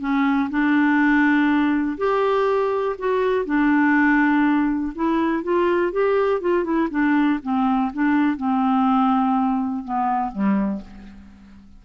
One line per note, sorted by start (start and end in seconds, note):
0.00 0.49 C#4
0.50 1.97 D4
1.97 2.96 G4
2.98 3.45 F#4
3.45 4.92 D4
4.95 5.43 E4
5.43 5.92 F4
5.92 6.41 G4
6.41 6.64 F4
6.64 6.88 E4
6.90 7.39 D4
7.43 7.92 C4
7.93 8.37 D4
8.37 9.84 C4
9.84 10.32 B3
10.32 10.81 G3